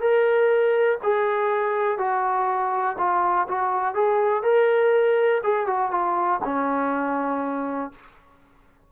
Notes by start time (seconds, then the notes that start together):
0.00 A#4
1.03 G#4
1.98 F#4
2.98 F4
3.48 F#4
3.95 G#4
4.43 A#4
5.43 G#4
5.67 F#4
5.91 F4
6.44 C#4